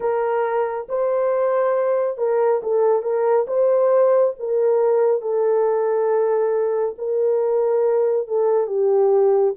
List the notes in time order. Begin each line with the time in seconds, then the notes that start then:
0.00 A#4
0.89 C5
2.17 A#4
2.62 A4
3.02 A#4
3.47 C5
4.39 A#4
5.21 A4
6.98 A#4
8.27 A4
8.66 G4